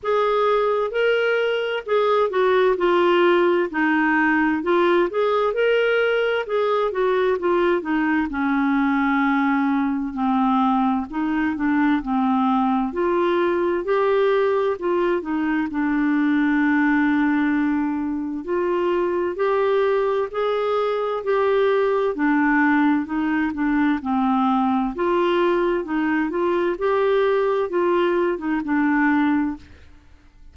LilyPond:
\new Staff \with { instrumentName = "clarinet" } { \time 4/4 \tempo 4 = 65 gis'4 ais'4 gis'8 fis'8 f'4 | dis'4 f'8 gis'8 ais'4 gis'8 fis'8 | f'8 dis'8 cis'2 c'4 | dis'8 d'8 c'4 f'4 g'4 |
f'8 dis'8 d'2. | f'4 g'4 gis'4 g'4 | d'4 dis'8 d'8 c'4 f'4 | dis'8 f'8 g'4 f'8. dis'16 d'4 | }